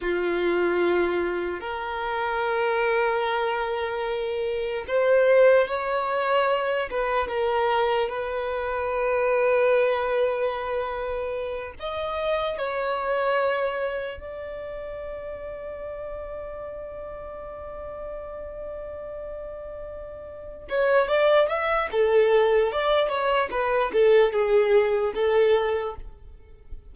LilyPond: \new Staff \with { instrumentName = "violin" } { \time 4/4 \tempo 4 = 74 f'2 ais'2~ | ais'2 c''4 cis''4~ | cis''8 b'8 ais'4 b'2~ | b'2~ b'8 dis''4 cis''8~ |
cis''4. d''2~ d''8~ | d''1~ | d''4. cis''8 d''8 e''8 a'4 | d''8 cis''8 b'8 a'8 gis'4 a'4 | }